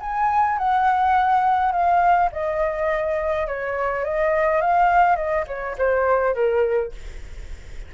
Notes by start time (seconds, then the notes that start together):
0.00 G#5
0.58 F#5
1.72 F5
2.32 D#5
3.47 C#5
4.04 D#5
4.61 F5
5.16 D#5
5.47 C#5
5.78 C5
6.34 A#4